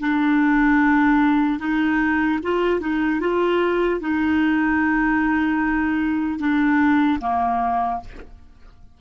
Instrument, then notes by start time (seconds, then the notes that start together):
clarinet
0.00 D4
1.59 D#4
2.43 F4
2.80 D#4
3.20 F4
4.00 D#4
6.39 D4
7.20 A#3